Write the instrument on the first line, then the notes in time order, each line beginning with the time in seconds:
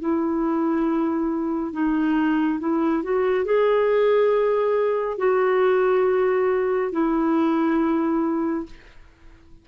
clarinet
0.00 E4
1.73 D#4
2.60 E4
3.03 F#4
3.45 G#4
5.18 F#4
6.92 E4